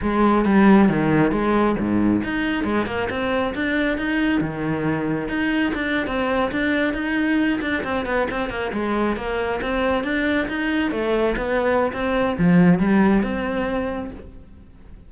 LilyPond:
\new Staff \with { instrumentName = "cello" } { \time 4/4 \tempo 4 = 136 gis4 g4 dis4 gis4 | gis,4 dis'4 gis8 ais8 c'4 | d'4 dis'4 dis2 | dis'4 d'8. c'4 d'4 dis'16~ |
dis'4~ dis'16 d'8 c'8 b8 c'8 ais8 gis16~ | gis8. ais4 c'4 d'4 dis'16~ | dis'8. a4 b4~ b16 c'4 | f4 g4 c'2 | }